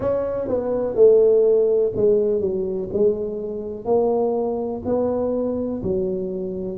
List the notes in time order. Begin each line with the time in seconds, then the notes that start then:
0.00 C#4
0.48 B3
0.95 A3
1.96 G#3
2.40 F#3
2.93 G#3
3.84 A#3
4.85 B3
5.82 F#3